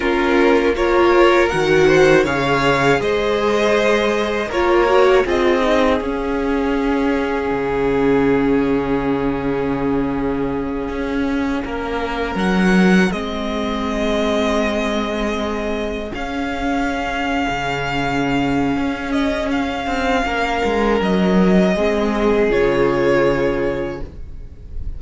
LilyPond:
<<
  \new Staff \with { instrumentName = "violin" } { \time 4/4 \tempo 4 = 80 ais'4 cis''4 fis''4 f''4 | dis''2 cis''4 dis''4 | f''1~ | f''1~ |
f''8 fis''4 dis''2~ dis''8~ | dis''4. f''2~ f''8~ | f''4. dis''8 f''2 | dis''2 cis''2 | }
  \new Staff \with { instrumentName = "violin" } { \time 4/4 f'4 ais'4. c''8 cis''4 | c''2 ais'4 gis'4~ | gis'1~ | gis'2.~ gis'8 ais'8~ |
ais'4. gis'2~ gis'8~ | gis'1~ | gis'2. ais'4~ | ais'4 gis'2. | }
  \new Staff \with { instrumentName = "viola" } { \time 4/4 cis'4 f'4 fis'4 gis'4~ | gis'2 f'8 fis'8 f'8 dis'8 | cis'1~ | cis'1~ |
cis'4. c'2~ c'8~ | c'4. cis'2~ cis'8~ | cis'1~ | cis'4 c'4 f'2 | }
  \new Staff \with { instrumentName = "cello" } { \time 4/4 ais2 dis4 cis4 | gis2 ais4 c'4 | cis'2 cis2~ | cis2~ cis8 cis'4 ais8~ |
ais8 fis4 gis2~ gis8~ | gis4. cis'4.~ cis'16 cis8.~ | cis4 cis'4. c'8 ais8 gis8 | fis4 gis4 cis2 | }
>>